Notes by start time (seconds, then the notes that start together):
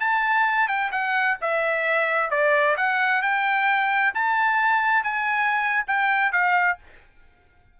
0.00 A5
0.68 G5
0.92 F#5
1.41 E5
2.30 D5
2.77 F#5
3.22 G5
4.15 A5
5.04 G#5
5.87 G5
6.32 F5